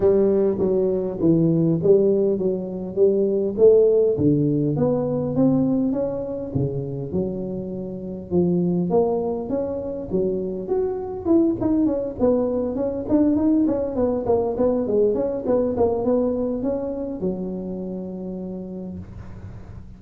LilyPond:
\new Staff \with { instrumentName = "tuba" } { \time 4/4 \tempo 4 = 101 g4 fis4 e4 g4 | fis4 g4 a4 d4 | b4 c'4 cis'4 cis4 | fis2 f4 ais4 |
cis'4 fis4 fis'4 e'8 dis'8 | cis'8 b4 cis'8 d'8 dis'8 cis'8 b8 | ais8 b8 gis8 cis'8 b8 ais8 b4 | cis'4 fis2. | }